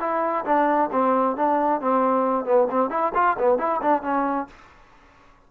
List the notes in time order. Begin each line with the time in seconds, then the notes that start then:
0.00 E4
0.45 D4
0.92 C4
1.36 D4
1.80 C4
2.45 B3
2.70 C4
2.90 E4
3.14 F4
3.39 B3
3.58 E4
3.81 D4
4.02 C#4